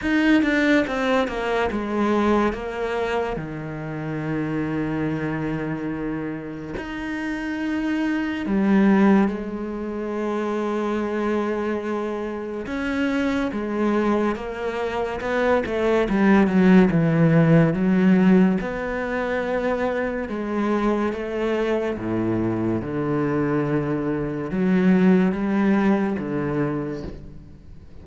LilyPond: \new Staff \with { instrumentName = "cello" } { \time 4/4 \tempo 4 = 71 dis'8 d'8 c'8 ais8 gis4 ais4 | dis1 | dis'2 g4 gis4~ | gis2. cis'4 |
gis4 ais4 b8 a8 g8 fis8 | e4 fis4 b2 | gis4 a4 a,4 d4~ | d4 fis4 g4 d4 | }